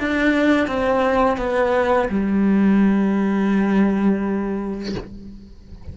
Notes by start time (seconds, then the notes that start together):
0.00 D4
0.68 C4
1.38 B3
2.09 G3